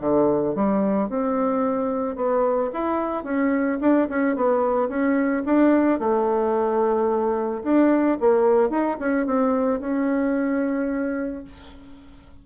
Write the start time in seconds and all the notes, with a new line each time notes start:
0.00 D3
0.55 G3
1.09 C4
2.15 B3
2.73 E4
3.24 C#4
3.80 D4
4.09 C#4
4.35 B3
4.88 C#4
5.45 D4
5.99 A3
7.63 D4
8.20 A#3
8.69 D#4
8.99 C#4
9.26 C4
9.80 C#4